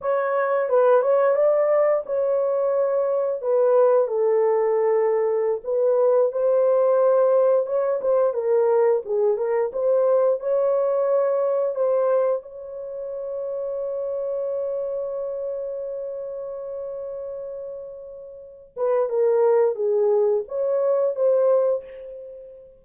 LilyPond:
\new Staff \with { instrumentName = "horn" } { \time 4/4 \tempo 4 = 88 cis''4 b'8 cis''8 d''4 cis''4~ | cis''4 b'4 a'2~ | a'16 b'4 c''2 cis''8 c''16~ | c''16 ais'4 gis'8 ais'8 c''4 cis''8.~ |
cis''4~ cis''16 c''4 cis''4.~ cis''16~ | cis''1~ | cis''2.~ cis''8 b'8 | ais'4 gis'4 cis''4 c''4 | }